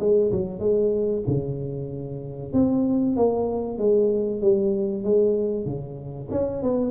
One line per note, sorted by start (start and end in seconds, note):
0.00 0.32 G#3
0.32 0.60 F#3
0.60 1.23 G#3
1.28 2.53 C#3
2.53 3.16 C4
3.16 3.79 A#3
3.79 4.42 G#3
4.42 5.04 G3
5.04 5.66 G#3
5.66 6.29 C#3
6.32 6.63 C#4
6.63 6.92 B3